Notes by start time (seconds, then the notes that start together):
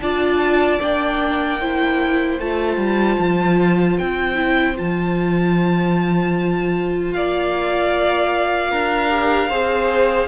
0.00 D4 F4 D5 A5
0.79 A#3 D4 G5
1.60 E4 C5
2.39 A3 F4 A5
2.77 G3
3.19 F3
3.98 C4 G5
4.35 E4
4.75 F3 F4 A5
7.13 A#3 D5 F5
8.70 D4 A#4
9.09 G4
9.49 C4 G#4 C5